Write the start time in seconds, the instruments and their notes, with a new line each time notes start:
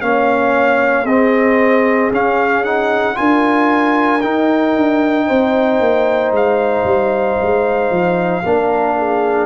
0.00 tuba A#3, trombone C#4, horn C#5, trumpet F5
1.04 tuba C4, trombone C4, horn G#4, trumpet D#5
2.11 tuba C#4, trombone C#4, trumpet F5
2.64 trombone D#4, trumpet F#5
3.14 tuba D4, trombone F4, horn A#4, trumpet G#5
4.21 trombone D#4, tuba D#4, trumpet G5
4.75 tuba D4
5.26 tuba C4, horn C5
5.79 tuba A#3
6.31 tuba G#3, trumpet F5
6.84 tuba G3
7.41 tuba G#3
7.90 tuba F3
8.44 tuba A#3, trombone D4, horn A#4
8.97 horn G#4